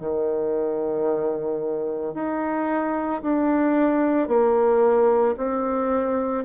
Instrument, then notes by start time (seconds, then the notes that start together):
bassoon
0.00 D#3
2.14 D#4
3.22 D4
4.28 A#3
5.37 C4